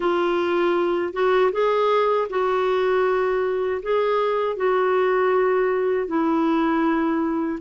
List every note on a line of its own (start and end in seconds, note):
0.00 1.13 F4
1.13 1.51 F#4
1.52 2.28 G#4
2.29 3.81 F#4
3.82 4.56 G#4
4.56 6.07 F#4
6.07 7.59 E4